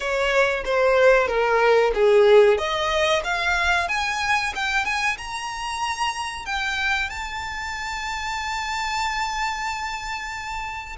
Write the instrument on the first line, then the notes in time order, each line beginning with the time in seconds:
violin
0.00 C#5
0.64 C5
1.27 A#4
1.94 G#4
2.58 D#5
3.24 F5
3.88 G#5
4.55 G5
4.85 G#5
5.17 A#5
6.45 G5
7.09 A5